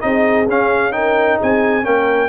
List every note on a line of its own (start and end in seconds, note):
0.00 0.48 C4
0.00 0.45 D#4
0.00 0.94 G#4
0.00 0.46 D#5
0.48 1.38 C#4
0.48 0.91 C#4
0.48 0.92 F5
0.91 1.82 D#4
0.91 1.38 A#4
0.91 1.37 G5
1.38 1.85 C4
1.38 1.83 G#4
1.38 1.85 G#5
1.82 2.29 A#3
1.82 2.28 C#4
1.82 2.29 A#4
1.82 2.29 G5